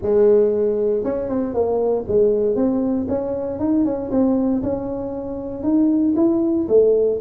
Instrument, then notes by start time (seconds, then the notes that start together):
tuba
0.01 G#3
1.03 C#4
1.29 C4
1.54 A#3
2.08 G#3
2.55 C4
3.08 C#4
3.59 D#4
3.84 C#4
4.10 C4
4.62 C#4
5.63 D#4
6.16 E4
6.68 A3